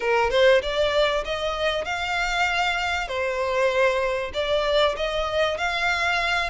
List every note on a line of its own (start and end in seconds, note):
0.00 0.30 A#4
0.30 0.61 C5
0.62 1.23 D5
1.24 1.84 D#5
1.84 3.08 F5
3.08 4.31 C5
4.33 4.95 D5
4.96 5.57 D#5
5.57 6.49 F5